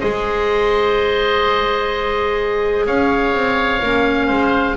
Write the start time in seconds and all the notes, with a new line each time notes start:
0.00 G#3 G#4 C5 D#5
2.86 C#4 C#5 F5
3.33 C4
3.82 A#3 C#4
4.27 G#3 C5